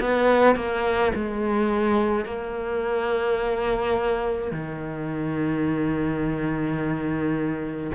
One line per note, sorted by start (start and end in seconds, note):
0.00 0.55 B3
0.55 1.12 A#3
1.15 2.25 G#3
2.25 4.51 A#3
4.51 7.91 D#3